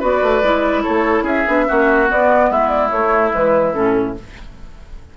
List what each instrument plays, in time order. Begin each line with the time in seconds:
0.00 bassoon B3, clarinet F#4, oboe B4, flute D5
0.22 bassoon A3
0.42 bassoon G#3, clarinet E4
0.83 bassoon A3, oboe A4, flute C#5
1.22 bassoon C#4, oboe G#4, flute E5
1.46 bassoon B3, clarinet D4
1.66 bassoon A#3, clarinet C#4, oboe F#4
2.07 clarinet B3, bassoon B3, flute D5
2.50 bassoon G#3, oboe E4, flute E5
2.68 flute D5
2.90 bassoon A3, clarinet A3, flute C#5
3.31 bassoon E3, clarinet G#3, flute B4
3.73 bassoon A2, clarinet C#4, flute A4